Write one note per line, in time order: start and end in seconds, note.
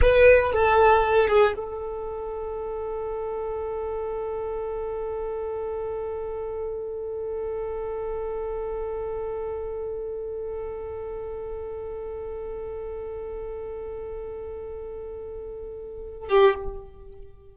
0.01 0.52 B4
0.52 1.28 A4
1.28 1.54 G#4
1.56 16.29 A4
16.29 16.54 G4